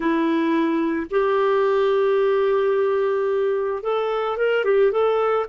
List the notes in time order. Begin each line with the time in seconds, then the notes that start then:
0.00 E4
1.10 G4
3.82 A4
4.37 A#4
4.64 G4
4.91 A4